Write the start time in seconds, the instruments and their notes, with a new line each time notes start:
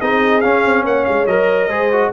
0.00 tuba C4, trombone D#4, horn G#4, trumpet D#5
0.41 trombone C#4, tuba C#4, trumpet F5
0.65 tuba C4
0.84 tuba A#3, horn C#5, trumpet F#5
1.05 tuba G#3, trumpet F5
1.26 tuba F#3, trombone A#4, trumpet D#5
1.68 tuba G#3, trombone G#4, horn C5
1.92 trombone F#4